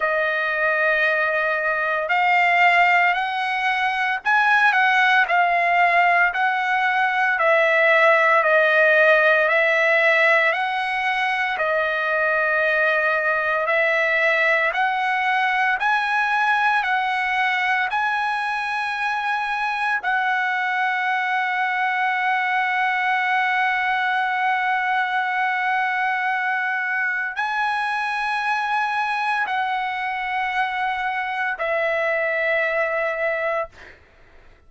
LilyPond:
\new Staff \with { instrumentName = "trumpet" } { \time 4/4 \tempo 4 = 57 dis''2 f''4 fis''4 | gis''8 fis''8 f''4 fis''4 e''4 | dis''4 e''4 fis''4 dis''4~ | dis''4 e''4 fis''4 gis''4 |
fis''4 gis''2 fis''4~ | fis''1~ | fis''2 gis''2 | fis''2 e''2 | }